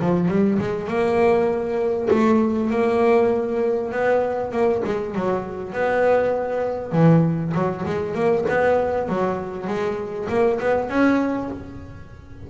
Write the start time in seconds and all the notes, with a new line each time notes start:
0.00 F3
0.28 G3
0.59 G#3
0.88 A#3
2.10 A3
2.70 A#3
3.92 B3
4.52 A#3
4.85 G#3
5.15 F#3
5.73 B3
6.92 E3
7.54 F#3
7.86 G#3
8.15 A#3
8.49 B3
9.09 F#3
9.67 G#3
10.29 A#3
10.60 B3
10.89 C#4